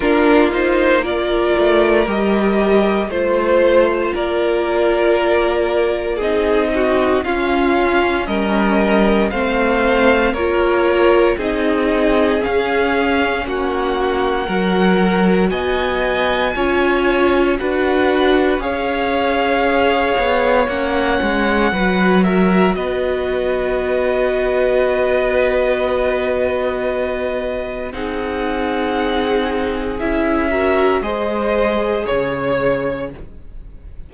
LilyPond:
<<
  \new Staff \with { instrumentName = "violin" } { \time 4/4 \tempo 4 = 58 ais'8 c''8 d''4 dis''4 c''4 | d''2 dis''4 f''4 | dis''4 f''4 cis''4 dis''4 | f''4 fis''2 gis''4~ |
gis''4 fis''4 f''2 | fis''4. e''8 dis''2~ | dis''2. fis''4~ | fis''4 e''4 dis''4 cis''4 | }
  \new Staff \with { instrumentName = "violin" } { \time 4/4 f'4 ais'2 c''4 | ais'2 gis'8 fis'8 f'4 | ais'4 c''4 ais'4 gis'4~ | gis'4 fis'4 ais'4 dis''4 |
cis''4 b'4 cis''2~ | cis''4 b'8 ais'8 b'2~ | b'2. gis'4~ | gis'4. ais'8 c''4 cis''4 | }
  \new Staff \with { instrumentName = "viola" } { \time 4/4 d'8 dis'8 f'4 g'4 f'4~ | f'2 dis'4 cis'4~ | cis'4 c'4 f'4 dis'4 | cis'2 fis'2 |
f'4 fis'4 gis'2 | cis'4 fis'2.~ | fis'2. dis'4~ | dis'4 e'8 fis'8 gis'2 | }
  \new Staff \with { instrumentName = "cello" } { \time 4/4 ais4. a8 g4 a4 | ais2 c'4 cis'4 | g4 a4 ais4 c'4 | cis'4 ais4 fis4 b4 |
cis'4 d'4 cis'4. b8 | ais8 gis8 fis4 b2~ | b2. c'4~ | c'4 cis'4 gis4 cis4 | }
>>